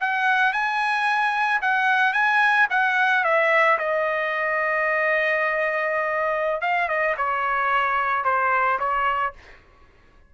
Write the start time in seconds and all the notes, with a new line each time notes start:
0.00 F#5
0.52 G#5
1.61 F#5
2.13 G#5
2.70 F#5
3.24 E5
3.78 D#5
6.61 F5
6.88 D#5
7.17 C#5
8.24 C5
8.79 C#5